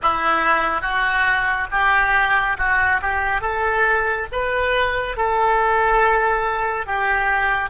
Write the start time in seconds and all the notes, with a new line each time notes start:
0.02 E4
0.81 F#4
1.71 G4
2.58 F#4
3.01 G4
3.41 A4
4.32 B4
5.17 A4
6.86 G4